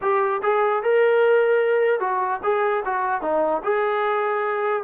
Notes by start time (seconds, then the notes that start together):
0.01 G4
0.42 G#4
0.82 A#4
2.00 F#4
2.43 G#4
2.85 F#4
3.21 D#4
3.63 G#4